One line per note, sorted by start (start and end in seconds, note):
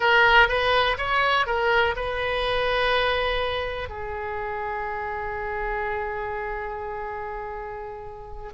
0.00 0.48 A#4
0.48 0.97 B4
0.97 1.46 C#5
1.46 1.95 A#4
1.95 3.89 B4
3.89 8.52 G#4